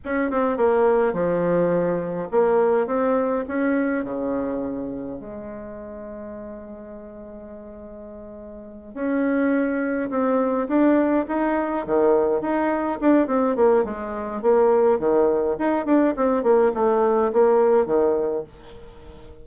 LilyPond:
\new Staff \with { instrumentName = "bassoon" } { \time 4/4 \tempo 4 = 104 cis'8 c'8 ais4 f2 | ais4 c'4 cis'4 cis4~ | cis4 gis2.~ | gis2.~ gis8 cis'8~ |
cis'4. c'4 d'4 dis'8~ | dis'8 dis4 dis'4 d'8 c'8 ais8 | gis4 ais4 dis4 dis'8 d'8 | c'8 ais8 a4 ais4 dis4 | }